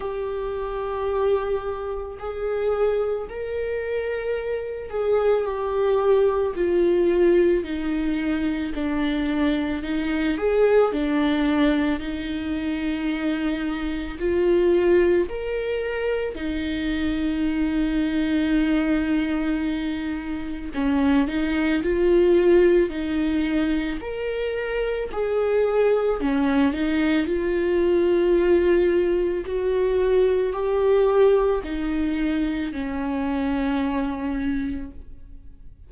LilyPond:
\new Staff \with { instrumentName = "viola" } { \time 4/4 \tempo 4 = 55 g'2 gis'4 ais'4~ | ais'8 gis'8 g'4 f'4 dis'4 | d'4 dis'8 gis'8 d'4 dis'4~ | dis'4 f'4 ais'4 dis'4~ |
dis'2. cis'8 dis'8 | f'4 dis'4 ais'4 gis'4 | cis'8 dis'8 f'2 fis'4 | g'4 dis'4 cis'2 | }